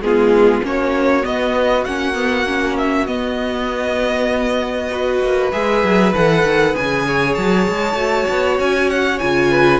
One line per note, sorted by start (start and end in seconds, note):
0.00 0.61 G#3
0.00 0.63 B3
0.00 0.66 F4
0.00 0.63 G#4
0.63 1.24 A#3
0.63 1.23 C#4
0.63 4.91 F#4
0.63 1.25 C#5
1.23 1.84 B3
1.23 1.86 B3
1.23 1.84 D#5
1.84 3.07 A#3
1.84 2.14 C#4
1.84 2.76 F#5
2.14 2.45 B3
2.47 3.08 C#4
2.78 3.07 E5
3.07 5.21 B3
3.07 4.91 B3
3.07 5.52 D#5
4.91 5.52 F#4
4.91 7.06 B4
5.22 5.53 A#3
5.52 5.84 G#3
5.52 6.14 G#4
5.52 6.13 E5
5.84 6.14 F#3
6.15 6.45 E3
6.15 6.73 A4
6.15 6.76 F#5
6.45 6.75 D#3
6.73 7.37 C#3
6.73 7.96 G#4
6.73 7.35 G#5
7.08 9.51 C#5
7.35 7.68 F#3
7.35 8.57 A5
7.68 7.94 G#3
7.94 8.25 A3
7.94 9.19 F#4
8.30 8.59 B3
8.59 9.20 C#4
8.59 8.90 G#5
8.90 9.19 F#5
9.19 9.80 C#3
9.19 9.80 F4
9.19 9.80 G#5
9.51 9.80 B4